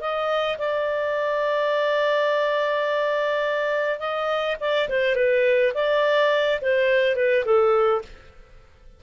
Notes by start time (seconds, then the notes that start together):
0.00 D#5
0.58 D5
3.99 D#5
4.60 D5
4.89 C5
5.15 B4
5.74 D5
6.61 C5
7.16 B4
7.45 A4